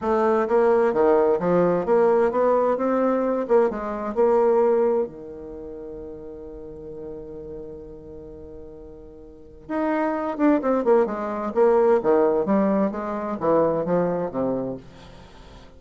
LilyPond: \new Staff \with { instrumentName = "bassoon" } { \time 4/4 \tempo 4 = 130 a4 ais4 dis4 f4 | ais4 b4 c'4. ais8 | gis4 ais2 dis4~ | dis1~ |
dis1~ | dis4 dis'4. d'8 c'8 ais8 | gis4 ais4 dis4 g4 | gis4 e4 f4 c4 | }